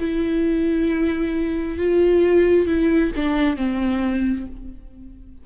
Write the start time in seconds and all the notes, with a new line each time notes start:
0.00 E4
1.79 F4
2.67 E4
3.17 D4
3.57 C4